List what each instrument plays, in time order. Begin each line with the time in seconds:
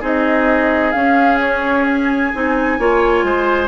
0.00 bassoon C4, clarinet D#4, oboe G#4, flute D#5
0.92 clarinet C#4, bassoon C#4, flute F5
1.40 flute C#5
1.85 flute G#5
2.33 bassoon C4, clarinet D#4
2.79 bassoon A#3, clarinet F4, oboe C#5
3.23 bassoon G#3, oboe C5